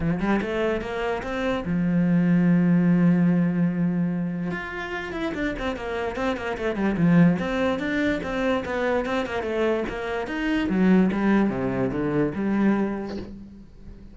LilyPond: \new Staff \with { instrumentName = "cello" } { \time 4/4 \tempo 4 = 146 f8 g8 a4 ais4 c'4 | f1~ | f2. f'4~ | f'8 e'8 d'8 c'8 ais4 c'8 ais8 |
a8 g8 f4 c'4 d'4 | c'4 b4 c'8 ais8 a4 | ais4 dis'4 fis4 g4 | c4 d4 g2 | }